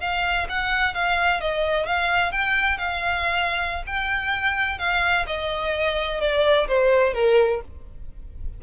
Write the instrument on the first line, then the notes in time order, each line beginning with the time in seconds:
violin
0.00 F5
0.49 F#5
0.94 F5
1.40 D#5
1.86 F5
2.32 G5
2.78 F5
3.87 G5
4.79 F5
5.27 D#5
6.20 D5
6.68 C5
7.14 A#4